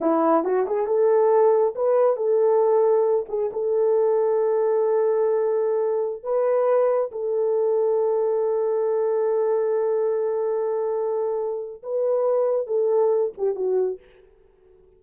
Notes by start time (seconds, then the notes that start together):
0.00 E4
0.44 F#4
0.66 G#4
0.86 A4
1.75 B4
2.16 A4
3.28 G#4
3.53 A4
6.23 B4
7.11 A4
11.82 B4
12.66 A4
13.37 G4
13.55 F#4